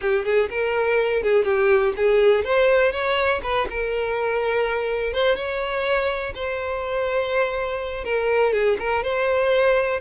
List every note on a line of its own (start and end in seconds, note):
0.01 0.24 G4
0.24 0.49 G#4
0.49 1.23 A#4
1.23 1.44 G#4
1.44 1.93 G4
1.96 2.44 G#4
2.44 2.92 C5
2.92 3.40 C#5
3.43 3.67 B4
3.70 5.13 A#4
5.13 5.35 C5
5.35 6.33 C#5
6.34 8.04 C5
8.04 8.53 A#4
8.53 8.77 G#4
8.79 9.03 A#4
9.03 10.00 C5